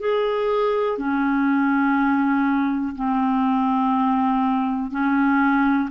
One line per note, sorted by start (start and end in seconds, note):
0.00 0.98 G#4
0.98 2.95 C#4
2.96 4.91 C4
4.91 5.90 C#4